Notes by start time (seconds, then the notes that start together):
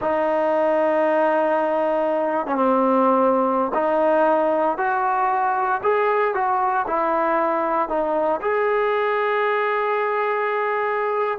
0.01 D#4
2.46 C#4
2.55 C4
3.74 D#4
4.77 F#4
5.83 G#4
6.34 F#4
6.87 E4
7.88 D#4
8.41 G#4